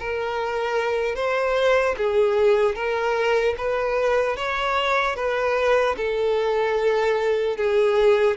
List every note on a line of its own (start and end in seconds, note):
0.00 1.16 A#4
1.16 1.96 C5
1.97 2.75 G#4
2.75 3.55 A#4
3.58 4.37 B4
4.37 5.16 C#5
5.16 5.96 B4
5.97 7.57 A4
7.57 8.37 G#4